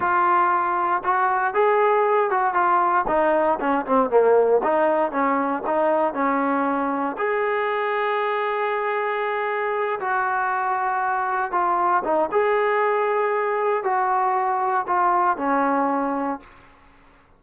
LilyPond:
\new Staff \with { instrumentName = "trombone" } { \time 4/4 \tempo 4 = 117 f'2 fis'4 gis'4~ | gis'8 fis'8 f'4 dis'4 cis'8 c'8 | ais4 dis'4 cis'4 dis'4 | cis'2 gis'2~ |
gis'2.~ gis'8 fis'8~ | fis'2~ fis'8 f'4 dis'8 | gis'2. fis'4~ | fis'4 f'4 cis'2 | }